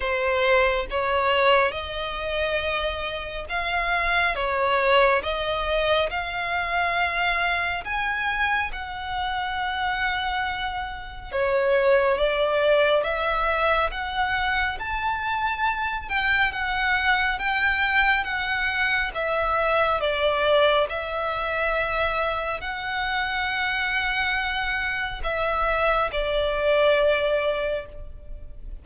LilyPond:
\new Staff \with { instrumentName = "violin" } { \time 4/4 \tempo 4 = 69 c''4 cis''4 dis''2 | f''4 cis''4 dis''4 f''4~ | f''4 gis''4 fis''2~ | fis''4 cis''4 d''4 e''4 |
fis''4 a''4. g''8 fis''4 | g''4 fis''4 e''4 d''4 | e''2 fis''2~ | fis''4 e''4 d''2 | }